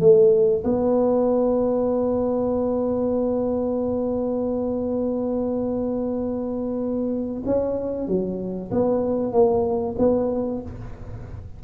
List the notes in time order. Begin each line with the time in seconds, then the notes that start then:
0.00 A3
0.64 B3
7.46 C#4
8.08 F#3
8.71 B3
9.32 A#3
9.98 B3